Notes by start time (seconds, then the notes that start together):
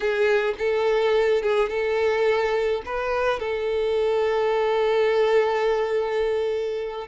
0.00 G#4
0.58 A4
1.42 G#4
1.69 A4
2.85 B4
3.39 A4